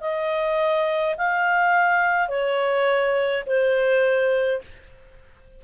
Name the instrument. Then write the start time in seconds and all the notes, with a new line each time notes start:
clarinet
0.00 D#5
1.17 F5
2.28 C#5
3.46 C5